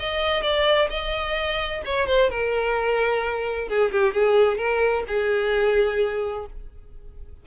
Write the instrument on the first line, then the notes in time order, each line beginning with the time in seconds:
violin
0.00 D#5
0.43 D5
0.90 D#5
1.85 C#5
2.07 C5
2.30 A#4
3.69 G#4
3.92 G4
4.14 G#4
4.58 A#4
5.08 G#4